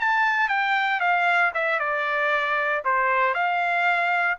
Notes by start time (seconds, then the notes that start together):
0.00 A5
0.49 G5
1.00 F5
1.54 E5
1.80 D5
2.85 C5
3.34 F5